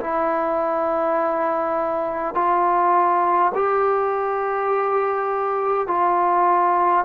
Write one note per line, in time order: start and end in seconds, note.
0.00 2.35 E4
2.35 3.52 F4
3.55 5.87 G4
5.87 7.05 F4